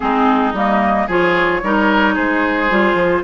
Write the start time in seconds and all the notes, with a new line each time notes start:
0.00 G#3 C4 D#4 G#4
0.53 G3 A#3 D#5
1.06 F3 F4 G#4 C#5
1.62 G3 D#4 A#4
2.14 G#3 G#4 C5
2.69 G3 F4
2.94 F3